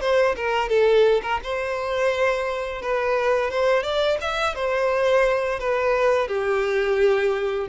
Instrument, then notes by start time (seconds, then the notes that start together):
violin
0.00 C5
0.36 A#4
0.68 A4
1.22 A#4
1.43 C5
2.82 B4
3.50 C5
3.83 D5
4.21 E5
4.54 C5
5.59 B4
6.28 G4